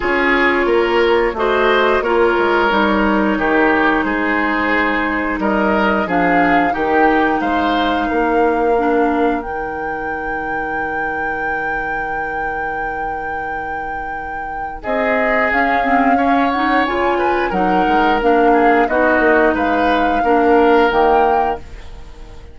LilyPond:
<<
  \new Staff \with { instrumentName = "flute" } { \time 4/4 \tempo 4 = 89 cis''2 dis''4 cis''4~ | cis''2 c''2 | dis''4 f''4 g''4 f''4~ | f''2 g''2~ |
g''1~ | g''2 dis''4 f''4~ | f''8 fis''8 gis''4 fis''4 f''4 | dis''4 f''2 g''4 | }
  \new Staff \with { instrumentName = "oboe" } { \time 4/4 gis'4 ais'4 c''4 ais'4~ | ais'4 g'4 gis'2 | ais'4 gis'4 g'4 c''4 | ais'1~ |
ais'1~ | ais'2 gis'2 | cis''4. b'8 ais'4. gis'8 | fis'4 b'4 ais'2 | }
  \new Staff \with { instrumentName = "clarinet" } { \time 4/4 f'2 fis'4 f'4 | dis'1~ | dis'4 d'4 dis'2~ | dis'4 d'4 dis'2~ |
dis'1~ | dis'2. cis'8 c'8 | cis'8 dis'8 f'4 dis'4 d'4 | dis'2 d'4 ais4 | }
  \new Staff \with { instrumentName = "bassoon" } { \time 4/4 cis'4 ais4 a4 ais8 gis8 | g4 dis4 gis2 | g4 f4 dis4 gis4 | ais2 dis2~ |
dis1~ | dis2 c'4 cis'4~ | cis'4 cis4 fis8 gis8 ais4 | b8 ais8 gis4 ais4 dis4 | }
>>